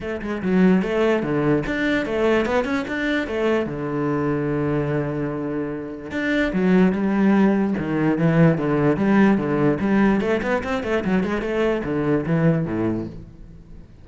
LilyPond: \new Staff \with { instrumentName = "cello" } { \time 4/4 \tempo 4 = 147 a8 gis8 fis4 a4 d4 | d'4 a4 b8 cis'8 d'4 | a4 d2.~ | d2. d'4 |
fis4 g2 dis4 | e4 d4 g4 d4 | g4 a8 b8 c'8 a8 fis8 gis8 | a4 d4 e4 a,4 | }